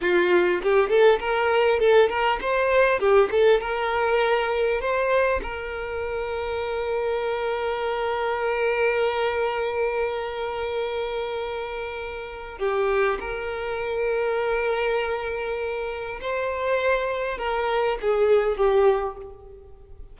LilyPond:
\new Staff \with { instrumentName = "violin" } { \time 4/4 \tempo 4 = 100 f'4 g'8 a'8 ais'4 a'8 ais'8 | c''4 g'8 a'8 ais'2 | c''4 ais'2.~ | ais'1~ |
ais'1~ | ais'4 g'4 ais'2~ | ais'2. c''4~ | c''4 ais'4 gis'4 g'4 | }